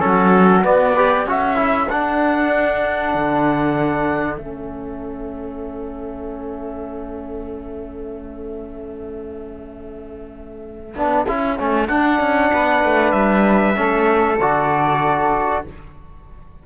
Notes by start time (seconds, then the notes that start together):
0.00 F#3 C#4 F#4 A4
0.63 B3 D5
0.95 G4 B4
1.26 C#4 F#4 A4 E5
1.56 E4
1.90 D4 F#5
3.15 D3
4.38 A3 C#4 E5
10.95 B3 D4
11.28 C#4 E4
11.58 A3 C#4
11.88 D4 F#5
12.20 C#4
12.52 B3 B4
12.84 A3
13.12 G3 E5
13.75 A3 C#4 A4
14.39 D3 F#4 D5